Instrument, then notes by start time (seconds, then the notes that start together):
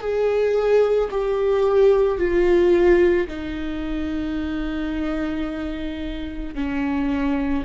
viola
0.00 G#4
1.11 G4
2.18 F4
3.28 D#4
6.55 C#4